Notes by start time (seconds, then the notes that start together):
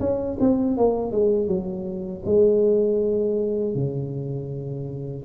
0.00 C#4
0.40 C4
0.77 A#3
1.12 G#3
1.48 F#3
2.26 G#3
3.75 C#3